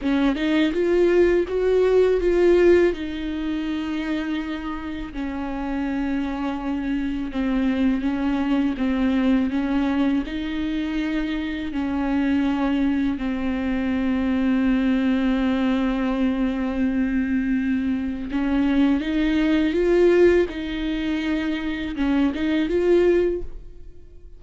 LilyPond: \new Staff \with { instrumentName = "viola" } { \time 4/4 \tempo 4 = 82 cis'8 dis'8 f'4 fis'4 f'4 | dis'2. cis'4~ | cis'2 c'4 cis'4 | c'4 cis'4 dis'2 |
cis'2 c'2~ | c'1~ | c'4 cis'4 dis'4 f'4 | dis'2 cis'8 dis'8 f'4 | }